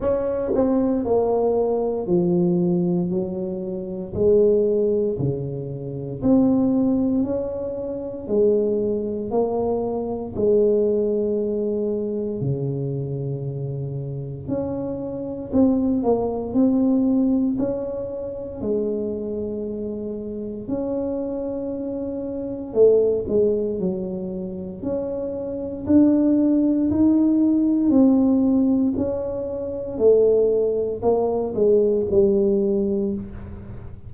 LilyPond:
\new Staff \with { instrumentName = "tuba" } { \time 4/4 \tempo 4 = 58 cis'8 c'8 ais4 f4 fis4 | gis4 cis4 c'4 cis'4 | gis4 ais4 gis2 | cis2 cis'4 c'8 ais8 |
c'4 cis'4 gis2 | cis'2 a8 gis8 fis4 | cis'4 d'4 dis'4 c'4 | cis'4 a4 ais8 gis8 g4 | }